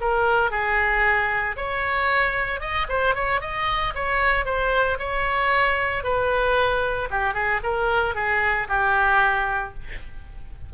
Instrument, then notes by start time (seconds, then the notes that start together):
oboe
0.00 A#4
0.50 G#4
1.56 C#5
2.60 D#5
2.89 C5
3.15 C#5
3.41 D#5
3.94 C#5
4.45 C5
4.99 C#5
6.03 B4
7.10 G4
7.34 G#4
7.63 A#4
8.15 G#4
8.68 G4